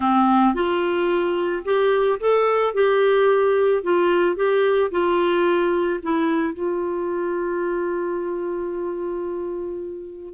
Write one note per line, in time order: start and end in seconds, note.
0.00 0.54 C4
0.54 1.63 F4
1.64 2.19 G4
2.19 2.73 A4
2.73 3.83 G4
3.83 4.36 F4
4.36 4.90 G4
4.91 6.00 F4
6.02 6.53 E4
6.53 10.34 F4